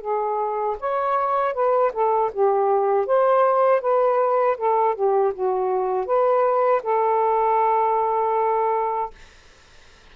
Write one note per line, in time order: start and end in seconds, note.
0.00 0.76 G#4
0.79 1.54 C#5
1.54 1.92 B4
1.93 2.31 A4
2.33 3.06 G4
3.06 3.81 C5
3.81 4.57 B4
4.57 4.95 A4
4.95 5.33 G4
5.34 6.06 F#4
6.06 6.81 B4
6.83 9.10 A4